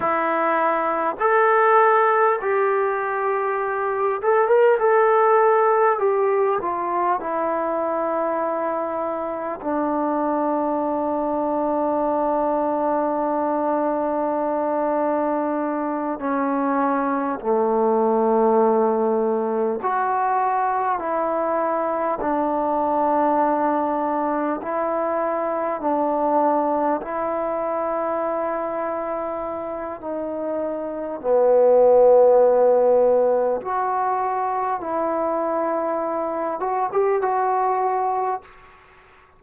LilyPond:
\new Staff \with { instrumentName = "trombone" } { \time 4/4 \tempo 4 = 50 e'4 a'4 g'4. a'16 ais'16 | a'4 g'8 f'8 e'2 | d'1~ | d'4. cis'4 a4.~ |
a8 fis'4 e'4 d'4.~ | d'8 e'4 d'4 e'4.~ | e'4 dis'4 b2 | fis'4 e'4. fis'16 g'16 fis'4 | }